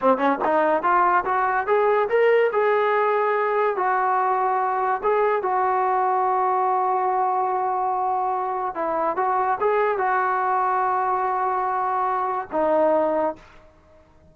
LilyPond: \new Staff \with { instrumentName = "trombone" } { \time 4/4 \tempo 4 = 144 c'8 cis'8 dis'4 f'4 fis'4 | gis'4 ais'4 gis'2~ | gis'4 fis'2. | gis'4 fis'2.~ |
fis'1~ | fis'4 e'4 fis'4 gis'4 | fis'1~ | fis'2 dis'2 | }